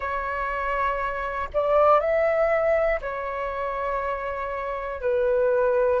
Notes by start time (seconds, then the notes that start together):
0.00 C#5
1.53 D5
2.00 E5
3.01 C#5
5.01 B4